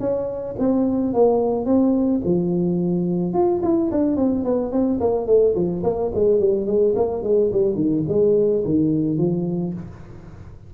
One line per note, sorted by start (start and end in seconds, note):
0.00 0.56 C#4
0.59 1.14 C4
1.14 1.66 A#3
1.66 2.21 C4
2.25 3.34 F3
3.34 3.61 F4
3.63 3.91 E4
3.92 4.16 D4
4.16 4.44 C4
4.44 4.72 B3
4.72 5.00 C4
5.00 5.27 A#3
5.27 5.55 A3
5.55 5.83 F3
5.84 6.12 A#3
6.15 6.40 G#3
6.40 6.67 G3
6.67 6.95 G#3
6.96 7.23 A#3
7.23 7.51 G#3
7.53 7.76 G3
7.76 8.03 D#3
8.08 8.64 G#3
8.65 9.18 D#3
9.18 9.73 F3